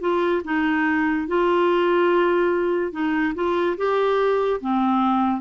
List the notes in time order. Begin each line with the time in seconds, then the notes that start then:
0.00 F4
0.44 D#4
1.27 F4
2.92 D#4
3.34 F4
3.77 G4
4.61 C4